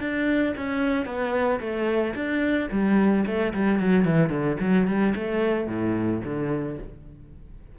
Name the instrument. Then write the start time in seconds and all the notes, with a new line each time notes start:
cello
0.00 D4
0.57 C#4
1.06 B3
1.60 A3
2.15 D4
2.71 G3
3.27 A3
3.54 G3
3.80 F#3
4.05 E3
4.30 D3
4.60 F#3
4.88 G3
5.16 A3
5.68 A2
6.25 D3